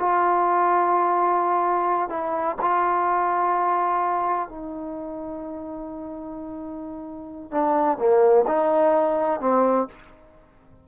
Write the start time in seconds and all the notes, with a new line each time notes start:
0.00 F4
2.10 E4
2.62 F4
4.49 D#4
7.52 D4
7.99 A#3
8.48 D#4
9.41 C4